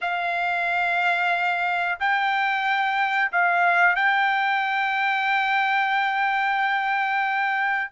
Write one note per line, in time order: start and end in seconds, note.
0.01 1.98 F5
1.99 3.31 G5
3.31 3.95 F5
3.95 7.91 G5